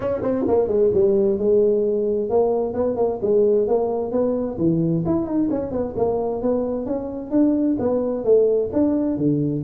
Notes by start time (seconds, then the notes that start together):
0.00 C#4
0.22 C4
0.47 A#3
0.67 G#3
0.93 G3
1.38 G#3
2.29 A#3
2.73 B3
2.96 A#3
3.22 G#3
3.67 A#3
4.11 B3
4.58 E3
5.05 E4
5.26 D#4
5.50 C#4
5.71 B3
5.96 A#3
6.42 B3
6.86 C#4
7.31 D4
7.79 B3
8.24 A3
8.73 D4
9.17 D3